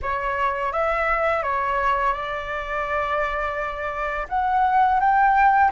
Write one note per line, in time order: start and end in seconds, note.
0.02 0.72 C#5
0.72 1.43 E5
1.43 2.13 C#5
2.13 4.27 D5
4.29 5.00 F#5
5.00 5.71 G5